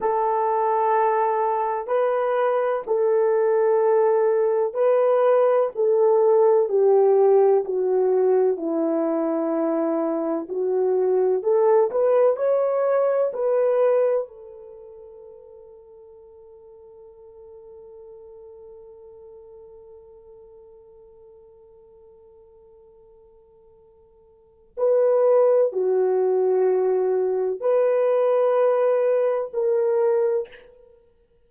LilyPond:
\new Staff \with { instrumentName = "horn" } { \time 4/4 \tempo 4 = 63 a'2 b'4 a'4~ | a'4 b'4 a'4 g'4 | fis'4 e'2 fis'4 | a'8 b'8 cis''4 b'4 a'4~ |
a'1~ | a'1~ | a'2 b'4 fis'4~ | fis'4 b'2 ais'4 | }